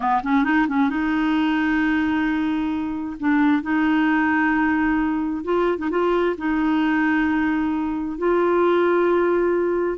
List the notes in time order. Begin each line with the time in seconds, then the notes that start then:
0.00 B3
0.23 C#4
0.44 D#4
0.68 C#4
0.89 D#4
3.19 D4
3.62 D#4
5.44 F4
5.78 D#4
5.90 F4
6.37 D#4
8.18 F4